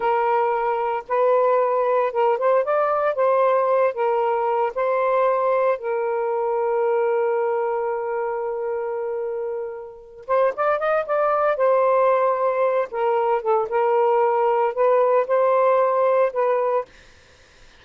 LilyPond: \new Staff \with { instrumentName = "saxophone" } { \time 4/4 \tempo 4 = 114 ais'2 b'2 | ais'8 c''8 d''4 c''4. ais'8~ | ais'4 c''2 ais'4~ | ais'1~ |
ais'2.~ ais'8 c''8 | d''8 dis''8 d''4 c''2~ | c''8 ais'4 a'8 ais'2 | b'4 c''2 b'4 | }